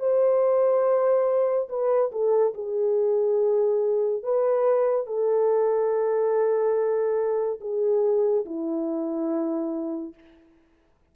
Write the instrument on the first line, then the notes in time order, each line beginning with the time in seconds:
horn
0.00 C5
1.69 B4
2.12 A4
2.55 G#4
4.23 B4
5.07 A4
7.61 G#4
8.46 E4